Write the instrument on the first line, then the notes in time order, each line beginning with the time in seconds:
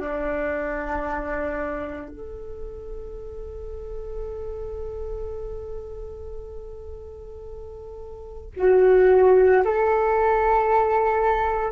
flute
0.00 D4
2.09 A4
8.57 F#4
9.65 A4